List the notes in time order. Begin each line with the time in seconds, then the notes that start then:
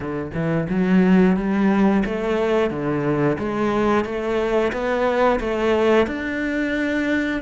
0.00 D3
0.34 E3
0.69 F#3
1.36 G3
2.05 A3
2.70 D3
3.38 G#3
4.04 A3
4.72 B3
5.40 A3
6.06 D4